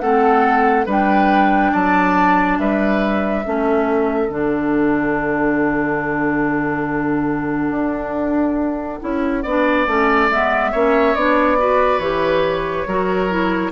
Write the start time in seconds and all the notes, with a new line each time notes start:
0.00 A3 C4 A4 F#5
0.86 G3 D4 B4 G5
1.73 F#3 D5 A5
2.59 G3 B4 E5
3.45 A3 C#4 A4
4.29 D3 D4 F#5
7.71 D4
9.01 C#4 E4
9.43 B3 D4 D5
9.87 A3 C#4
10.31 G#3 B3 E5
10.72 A#3 C#4 C#5
11.16 B3 D4 D5
11.59 F#4 B4
11.99 E3 G4 C#5
12.88 F#3 F#4 A#4
13.30 E4